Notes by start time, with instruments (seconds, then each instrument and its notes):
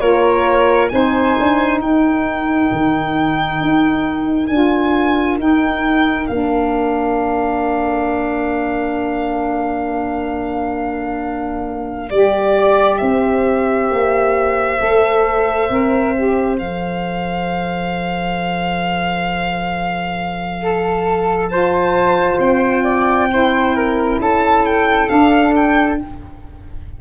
0.00 tuba A#3, saxophone F4, flute A#4, violin C#5
0.89 tuba C4, saxophone D#4, flute C5, violin G#5
1.39 tuba D4
1.79 tuba D#4, flute A#4, violin G5
2.71 tuba D#3
3.60 tuba D#4
4.46 tuba D4, saxophone F4, violin G#5
5.38 tuba D#4, saxophone D#4, violin G5
6.27 tuba A#3, saxophone D4, violin F5
12.10 tuba G3, saxophone G4, violin D5
12.57 flute D5
12.98 tuba C4, flute C5, violin E5
13.90 tuba A#3
14.79 tuba A3, saxophone A4
15.70 tuba C4, saxophone A#4
16.17 saxophone G4
16.58 tuba F3, saxophone A4, violin F5
20.62 flute A4
21.48 saxophone F4, flute C5, violin A5
22.39 tuba C4, violin G5
22.83 flute D5
23.30 saxophone E4, flute C5
23.75 flute A#4
24.19 tuba C#4, flute A4, violin A5
24.65 violin G5
25.08 saxophone D4, tuba D4, violin F5
25.55 violin G5